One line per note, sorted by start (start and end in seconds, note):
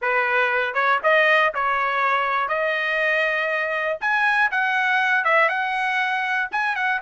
0.01 0.74 B4
0.74 0.99 C#5
1.03 1.53 D#5
1.54 2.48 C#5
2.48 3.98 D#5
4.00 4.50 G#5
4.51 5.24 F#5
5.24 5.49 E5
5.49 6.49 F#5
6.51 6.75 G#5
6.75 7.00 F#5